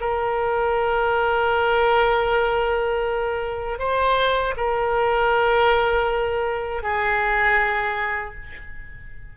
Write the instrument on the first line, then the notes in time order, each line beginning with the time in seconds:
oboe
0.00 A#4
3.78 C5
4.56 A#4
6.83 G#4